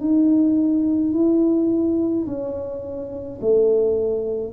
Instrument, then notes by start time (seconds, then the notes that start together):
tuba
0.00 D#4
1.13 E4
2.26 C#4
3.41 A3